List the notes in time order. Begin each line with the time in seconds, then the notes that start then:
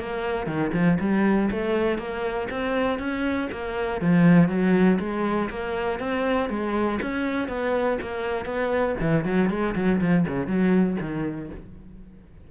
0.00 A#3
0.47 D#3
0.73 F3
1.00 G3
1.52 A3
1.99 A#3
2.51 C4
3.00 C#4
3.52 A#3
4.01 F3
4.49 F#3
5.00 G#3
5.50 A#3
6.00 C4
6.50 G#3
7.02 C#4
7.49 B3
8.02 A#3
8.46 B3
9.01 E3
9.25 F#3
9.50 G#3
9.75 F#3
10.01 F3
10.28 C#3
10.47 F#3
11.01 D#3